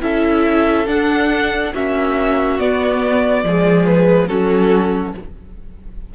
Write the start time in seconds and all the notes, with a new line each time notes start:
0.00 C#4 E4 A4 E5
0.87 D4 F#5
1.73 A#3 C#4 F#4 E5
2.59 B3 D5
3.43 F3 G#3 G#4
3.86 B4
4.27 F#3 C#4 F#4 A4